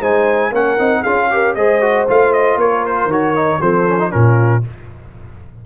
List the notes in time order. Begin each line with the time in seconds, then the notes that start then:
0.00 G#3 D#4 C5 G#5
0.51 A#3 C#4 A#4 F#5
0.78 C4 D#4
1.01 C#4 F4 G#4 F5
1.30 G4 A#4
1.55 G#3 G#4 C5 D#5
1.81 F#4
2.08 A3 F4 F5
2.33 D#5
2.56 A#3 A#4 C#5
2.86 C5
3.05 D#3 F#4 C#5
3.35 D#4
3.61 F3 C4 A4 C5
3.87 C#4
3.99 D#4
4.10 A#2 C#4 F4 A#4